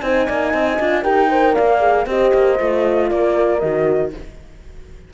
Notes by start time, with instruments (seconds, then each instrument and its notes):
0.00 cello C4, horn D#4 C5, flute G#5
0.27 cello A#3, horn D5
0.54 cello C4, horn D#5
0.80 cello D4, horn F4
1.03 cello D#4, horn G4 A#4, flute G5
1.29 horn A#4 C5
1.53 cello A#3, horn D5, flute F5
1.80 horn G#4
2.07 cello C4, horn G4 C5, flute D#5
2.34 cello A#3
2.59 cello A3, horn F4
3.10 cello A#3, horn A#4, flute D5
3.60 cello D#3, horn F#4, flute D#5